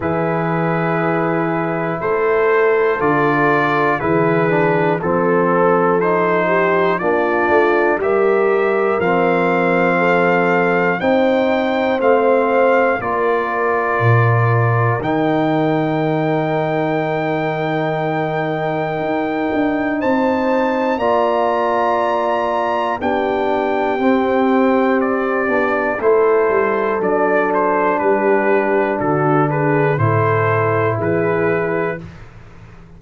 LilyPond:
<<
  \new Staff \with { instrumentName = "trumpet" } { \time 4/4 \tempo 4 = 60 b'2 c''4 d''4 | b'4 a'4 c''4 d''4 | e''4 f''2 g''4 | f''4 d''2 g''4~ |
g''1 | a''4 ais''2 g''4~ | g''4 d''4 c''4 d''8 c''8 | b'4 a'8 b'8 c''4 b'4 | }
  \new Staff \with { instrumentName = "horn" } { \time 4/4 gis'2 a'2 | gis'4 a'4. g'8 f'4 | ais'2 a'4 c''4~ | c''4 ais'2.~ |
ais'1 | c''4 d''2 g'4~ | g'2 a'2 | g'4 fis'8 gis'8 a'4 gis'4 | }
  \new Staff \with { instrumentName = "trombone" } { \time 4/4 e'2. f'4 | e'8 d'8 c'4 dis'4 d'4 | g'4 c'2 dis'4 | c'4 f'2 dis'4~ |
dis'1~ | dis'4 f'2 d'4 | c'4. d'8 e'4 d'4~ | d'2 e'2 | }
  \new Staff \with { instrumentName = "tuba" } { \time 4/4 e2 a4 d4 | e4 f2 ais8 a8 | g4 f2 c'4 | a4 ais4 ais,4 dis4~ |
dis2. dis'8 d'8 | c'4 ais2 b4 | c'4. b8 a8 g8 fis4 | g4 d4 a,4 e4 | }
>>